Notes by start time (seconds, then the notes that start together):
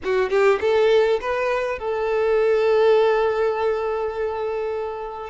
0.03 F#4
0.29 G4
0.60 A4
1.20 B4
1.79 A4